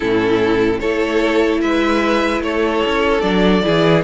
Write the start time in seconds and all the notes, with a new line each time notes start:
0.00 A2 C#4 E4 A4
0.79 A3 E4 A4 C#5
1.61 G#3 B4 E5
2.40 A3 C#5
2.46 A4
2.85 C#4
3.21 F#3 D4 D5
3.63 E3 E4 G#4